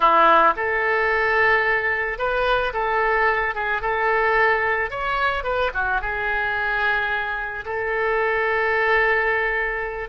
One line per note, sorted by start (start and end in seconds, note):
0.00 0.54 E4
0.56 2.18 A4
2.18 2.72 B4
2.73 3.54 A4
3.54 3.81 G#4
3.81 4.90 A4
4.90 5.43 C#5
5.43 5.70 B4
5.73 6.01 F#4
6.01 7.64 G#4
7.65 10.09 A4